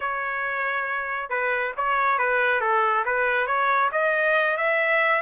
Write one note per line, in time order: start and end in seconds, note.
0.00 1.29 C#5
1.29 1.73 B4
1.76 2.18 C#5
2.18 2.60 B4
2.60 3.04 A4
3.05 3.46 B4
3.46 3.90 C#5
3.92 4.57 D#5
4.57 5.21 E5